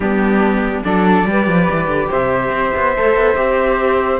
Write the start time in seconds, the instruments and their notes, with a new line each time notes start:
0.00 cello G3, viola B3, flute D4, trumpet G4
0.84 cello F#3, viola D4, flute A4, trumpet D5
1.25 cello G3, viola G4, flute B4
1.47 cello F3
1.71 cello E3
1.87 cello D3
2.10 cello C3, flute C5, trumpet E5
2.50 cello C4
2.76 cello B3
2.97 cello A3, viola A4
3.15 cello B3
3.36 cello C4, viola G4